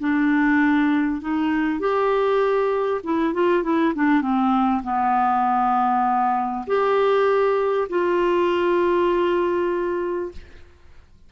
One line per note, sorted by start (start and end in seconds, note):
0.00 1.21 D4
1.21 1.80 D#4
1.80 3.01 G4
3.03 3.34 E4
3.34 3.63 F4
3.63 3.93 E4
3.95 4.21 D4
4.21 4.82 C4
4.83 6.65 B3
6.67 7.88 G4
7.89 10.31 F4